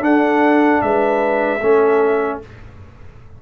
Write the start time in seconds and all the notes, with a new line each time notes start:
0.00 D4 A4 F#5
0.82 G#3 B4 E5
1.60 A3 C#4 A4